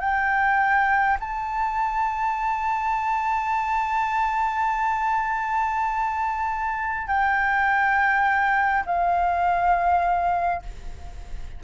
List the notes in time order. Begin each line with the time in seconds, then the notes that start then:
0.00 G5
1.20 A5
7.08 G5
8.86 F5